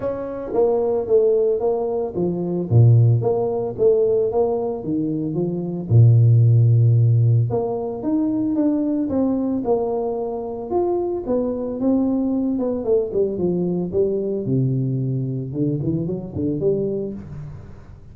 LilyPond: \new Staff \with { instrumentName = "tuba" } { \time 4/4 \tempo 4 = 112 cis'4 ais4 a4 ais4 | f4 ais,4 ais4 a4 | ais4 dis4 f4 ais,4~ | ais,2 ais4 dis'4 |
d'4 c'4 ais2 | f'4 b4 c'4. b8 | a8 g8 f4 g4 c4~ | c4 d8 e8 fis8 d8 g4 | }